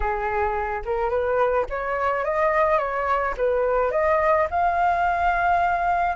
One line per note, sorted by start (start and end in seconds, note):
0.00 0.82 G#4
0.85 1.09 A#4
1.09 1.65 B4
1.69 2.24 C#5
2.24 2.78 D#5
2.78 3.34 C#5
3.37 3.91 B4
3.91 4.47 D#5
4.50 6.16 F5